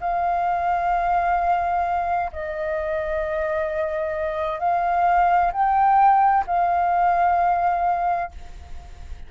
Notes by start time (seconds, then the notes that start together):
0.00 F5
2.32 D#5
4.59 F5
5.52 G5
6.47 F5